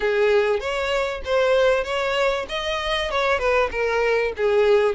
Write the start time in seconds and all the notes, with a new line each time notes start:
0.00 G#4
0.59 C#5
1.24 C5
1.84 C#5
2.49 D#5
3.11 C#5
3.39 B4
3.71 A#4
4.36 G#4